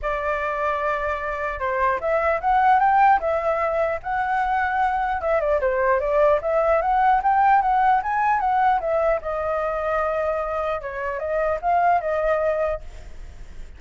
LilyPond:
\new Staff \with { instrumentName = "flute" } { \time 4/4 \tempo 4 = 150 d''1 | c''4 e''4 fis''4 g''4 | e''2 fis''2~ | fis''4 e''8 d''8 c''4 d''4 |
e''4 fis''4 g''4 fis''4 | gis''4 fis''4 e''4 dis''4~ | dis''2. cis''4 | dis''4 f''4 dis''2 | }